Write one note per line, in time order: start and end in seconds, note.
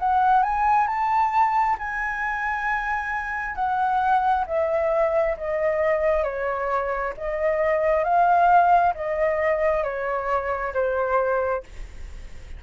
0.00 0.43 F#5
0.43 0.88 G#5
0.88 1.77 A5
1.79 3.56 G#5
3.56 4.45 F#5
4.47 5.37 E5
5.38 6.24 D#5
6.24 7.14 C#5
7.18 8.04 D#5
8.04 8.94 F5
8.95 9.84 D#5
9.84 10.74 C#5
10.74 11.64 C5